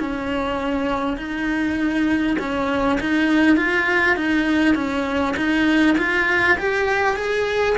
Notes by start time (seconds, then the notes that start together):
0.00 C#4
1.18 D#4
2.39 C#4
3.01 D#4
3.57 F4
4.17 D#4
4.76 C#4
5.37 D#4
5.98 F4
6.59 G4
7.17 G#4